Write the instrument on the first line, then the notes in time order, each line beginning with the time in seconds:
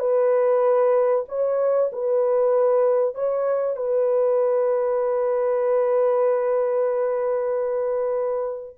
horn
0.00 B4
1.29 C#5
1.93 B4
3.15 C#5
3.77 B4